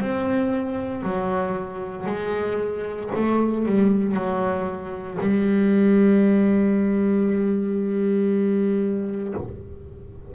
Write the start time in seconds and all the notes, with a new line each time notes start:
0.00 C4
1.03 F#3
2.06 G#3
3.15 A3
3.66 G3
4.14 F#3
5.21 G3